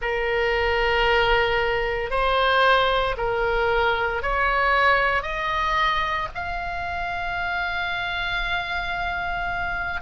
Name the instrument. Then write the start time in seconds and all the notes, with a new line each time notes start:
oboe
0.01 A#4
2.10 C5
3.17 A#4
4.22 C#5
5.22 D#5
6.34 F5